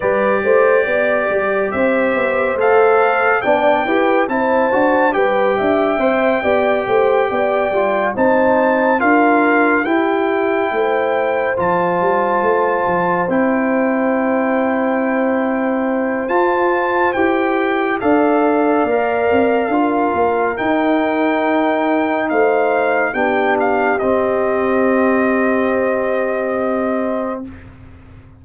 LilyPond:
<<
  \new Staff \with { instrumentName = "trumpet" } { \time 4/4 \tempo 4 = 70 d''2 e''4 f''4 | g''4 a''4 g''2~ | g''4. a''4 f''4 g''8~ | g''4. a''2 g''8~ |
g''2. a''4 | g''4 f''2. | g''2 f''4 g''8 f''8 | dis''1 | }
  \new Staff \with { instrumentName = "horn" } { \time 4/4 b'8 c''8 d''4 c''2 | d''8 b'8 c''4 b'8 e''4 d''8 | c''8 d''4 c''4 ais'4 g'8~ | g'8 c''2.~ c''8~ |
c''1~ | c''4 d''2 ais'4~ | ais'2 c''4 g'4~ | g'1 | }
  \new Staff \with { instrumentName = "trombone" } { \time 4/4 g'2. a'4 | d'8 g'8 e'8 fis'8 g'4 c''8 g'8~ | g'4 f'8 dis'4 f'4 e'8~ | e'4. f'2 e'8~ |
e'2. f'4 | g'4 a'4 ais'4 f'4 | dis'2. d'4 | c'1 | }
  \new Staff \with { instrumentName = "tuba" } { \time 4/4 g8 a8 b8 g8 c'8 b8 a4 | b8 e'8 c'8 d'8 g8 d'8 c'8 b8 | a8 b8 g8 c'4 d'4 e'8~ | e'8 a4 f8 g8 a8 f8 c'8~ |
c'2. f'4 | e'4 d'4 ais8 c'8 d'8 ais8 | dis'2 a4 b4 | c'1 | }
>>